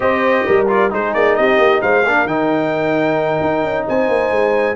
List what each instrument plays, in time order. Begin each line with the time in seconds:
0.00 tuba C4, trombone G4, horn C5, trumpet D#5
0.46 tuba G3, horn A#4
0.68 trombone F4, trumpet D5
0.89 tuba G#3, trombone D#4, horn G#4, trumpet C5
1.13 tuba A#3, trumpet D5
1.35 tuba C4, horn G4, trumpet D#5
1.57 tuba A#3
1.81 tuba G#3, horn C5, trumpet F5
2.03 tuba A#3, trombone D4, horn A#4
2.25 tuba D#3, trombone D#4, trumpet G5
3.40 tuba D#4
3.63 tuba C#4
3.88 tuba C4, horn C5, trumpet G#5
4.08 tuba A#3
4.31 tuba G#3